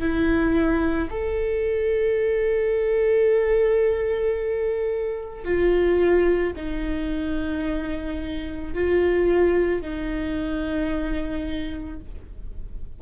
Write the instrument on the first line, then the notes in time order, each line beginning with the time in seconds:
viola
0.00 E4
1.11 A4
5.44 F4
6.56 D#4
8.74 F4
9.82 D#4